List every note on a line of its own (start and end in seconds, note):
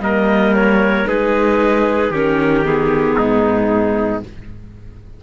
0.00 1.05 G3
0.00 1.07 A#3
0.00 1.08 A#4
0.00 0.55 D#5
0.55 1.08 C#5
1.07 2.11 G#3
1.07 2.12 D#4
1.07 2.11 G#4
1.07 2.13 B4
2.11 3.16 D#3
2.11 2.65 C#4
2.11 3.17 G4
2.11 2.66 A#4
2.65 4.23 B3
2.65 4.23 G#4
3.18 4.23 G#2
3.18 4.23 D#4